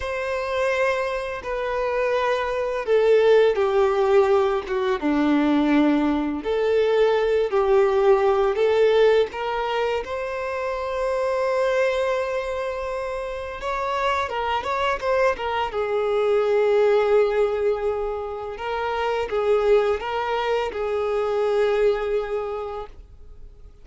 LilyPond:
\new Staff \with { instrumentName = "violin" } { \time 4/4 \tempo 4 = 84 c''2 b'2 | a'4 g'4. fis'8 d'4~ | d'4 a'4. g'4. | a'4 ais'4 c''2~ |
c''2. cis''4 | ais'8 cis''8 c''8 ais'8 gis'2~ | gis'2 ais'4 gis'4 | ais'4 gis'2. | }